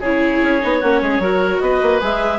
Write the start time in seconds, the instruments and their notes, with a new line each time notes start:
0.00 bassoon C#3, viola E4, oboe G#4, clarinet C#5
0.43 bassoon C#4
0.62 bassoon B3, viola D#4
0.81 bassoon A#3, viola C#4, oboe F#4
1.02 bassoon G#3, oboe G#4
1.19 bassoon F#3, viola F#4, oboe A#4
1.60 bassoon B3, oboe B4, clarinet D#5
1.82 bassoon A#3
2.01 bassoon G#3, viola G#4, clarinet E5